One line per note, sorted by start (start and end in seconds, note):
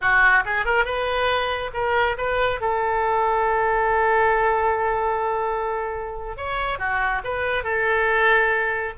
0.01 0.44 F#4
0.45 0.65 G#4
0.65 0.84 A#4
0.84 1.71 B4
1.73 2.16 A#4
2.17 2.60 B4
2.60 6.36 A4
6.36 6.78 C#5
6.78 7.21 F#4
7.24 7.63 B4
7.63 8.93 A4